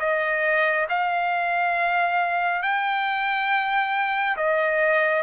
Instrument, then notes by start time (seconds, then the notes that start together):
trumpet
0.00 D#5
0.90 F5
2.63 G5
4.37 D#5